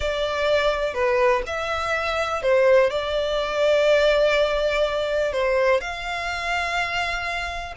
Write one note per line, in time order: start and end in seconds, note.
0.00 0.94 D5
0.94 1.42 B4
1.46 2.42 E5
2.42 2.90 C5
2.90 5.32 D5
5.32 5.80 C5
5.80 7.74 F5